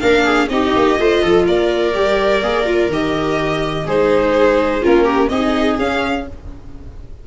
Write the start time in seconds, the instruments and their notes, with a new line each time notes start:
0.00 tuba A#3, viola D4 A#4, violin F5
0.24 viola G#4
0.49 tuba C4, viola D#4 G4, violin D#5
0.76 tuba A#3
0.97 tuba A3, viola F4 C5
1.22 tuba F3, viola A4
1.45 tuba A#3, viola A#4, violin D5
1.93 tuba G3, viola G4
2.42 tuba A#3, viola G#4
2.66 viola F4
2.88 tuba D#3, viola G4, violin D#5
3.86 tuba G#3, viola D#4 G#4, violin C5
4.81 tuba A#3, viola C#4 F4, violin A#4
5.04 viola G4
5.29 tuba C4, viola D#4 G#4, violin D#5
5.78 tuba C#4, viola C#4, violin F5